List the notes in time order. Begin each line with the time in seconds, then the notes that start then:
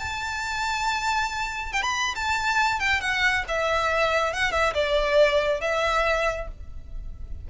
0.00 A5
1.73 G5
1.83 B5
2.15 A5
2.80 G5
3.01 F#5
3.48 E5
4.33 F#5
4.52 E5
4.74 D5
5.61 E5